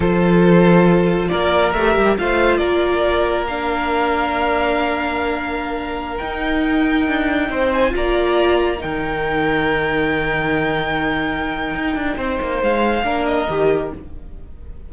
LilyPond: <<
  \new Staff \with { instrumentName = "violin" } { \time 4/4 \tempo 4 = 138 c''2. d''4 | e''4 f''4 d''2 | f''1~ | f''2~ f''16 g''4.~ g''16~ |
g''4.~ g''16 gis''8 ais''4.~ ais''16~ | ais''16 g''2.~ g''8.~ | g''1~ | g''4 f''4. dis''4. | }
  \new Staff \with { instrumentName = "violin" } { \time 4/4 a'2. ais'4~ | ais'4 c''4 ais'2~ | ais'1~ | ais'1~ |
ais'4~ ais'16 c''4 d''4.~ d''16~ | d''16 ais'2.~ ais'8.~ | ais'1 | c''2 ais'2 | }
  \new Staff \with { instrumentName = "viola" } { \time 4/4 f'1 | g'4 f'2. | d'1~ | d'2~ d'16 dis'4.~ dis'16~ |
dis'2~ dis'16 f'4.~ f'16~ | f'16 dis'2.~ dis'8.~ | dis'1~ | dis'2 d'4 g'4 | }
  \new Staff \with { instrumentName = "cello" } { \time 4/4 f2. ais4 | a8 g8 a4 ais2~ | ais1~ | ais2~ ais16 dis'4.~ dis'16~ |
dis'16 d'4 c'4 ais4.~ ais16~ | ais16 dis2.~ dis8.~ | dis2. dis'8 d'8 | c'8 ais8 gis4 ais4 dis4 | }
>>